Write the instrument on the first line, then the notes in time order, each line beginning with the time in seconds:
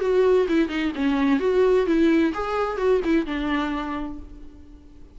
viola
0.00 F#4
0.48 E4
0.68 D#4
0.95 C#4
1.39 F#4
1.86 E4
2.33 G#4
2.77 F#4
3.04 E4
3.25 D4